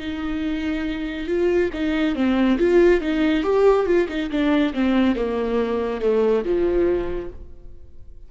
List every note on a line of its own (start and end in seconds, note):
0.00 1.27 D#4
1.27 1.70 F4
1.74 2.15 D#4
2.15 2.58 C4
2.59 3.01 F4
3.01 3.43 D#4
3.43 3.86 G4
3.86 4.08 F4
4.09 4.30 D#4
4.31 4.74 D4
4.74 5.16 C4
5.16 6.02 A#3
6.02 6.44 A3
6.45 7.30 F3